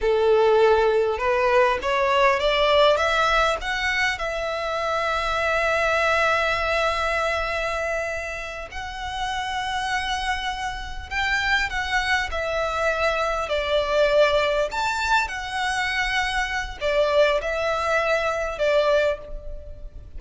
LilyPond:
\new Staff \with { instrumentName = "violin" } { \time 4/4 \tempo 4 = 100 a'2 b'4 cis''4 | d''4 e''4 fis''4 e''4~ | e''1~ | e''2~ e''8 fis''4.~ |
fis''2~ fis''8 g''4 fis''8~ | fis''8 e''2 d''4.~ | d''8 a''4 fis''2~ fis''8 | d''4 e''2 d''4 | }